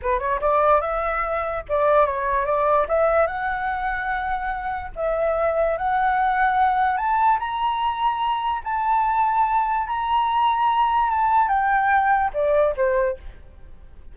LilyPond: \new Staff \with { instrumentName = "flute" } { \time 4/4 \tempo 4 = 146 b'8 cis''8 d''4 e''2 | d''4 cis''4 d''4 e''4 | fis''1 | e''2 fis''2~ |
fis''4 a''4 ais''2~ | ais''4 a''2. | ais''2. a''4 | g''2 d''4 c''4 | }